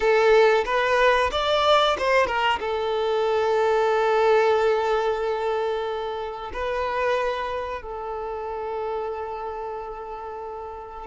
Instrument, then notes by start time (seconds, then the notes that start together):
violin
0.00 A4
0.65 B4
1.31 D5
1.98 C5
2.26 A#4
2.60 A4
6.53 B4
7.82 A4